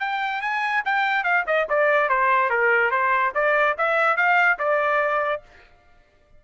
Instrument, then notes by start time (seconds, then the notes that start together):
trumpet
0.00 G5
0.42 G#5
0.85 G5
1.24 F5
1.47 D#5
1.70 D5
2.09 C5
2.50 A#4
2.91 C5
3.35 D5
3.78 E5
4.17 F5
4.59 D5